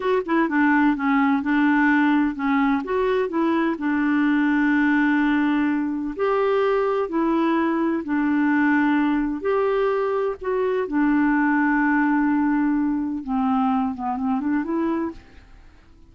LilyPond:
\new Staff \with { instrumentName = "clarinet" } { \time 4/4 \tempo 4 = 127 fis'8 e'8 d'4 cis'4 d'4~ | d'4 cis'4 fis'4 e'4 | d'1~ | d'4 g'2 e'4~ |
e'4 d'2. | g'2 fis'4 d'4~ | d'1 | c'4. b8 c'8 d'8 e'4 | }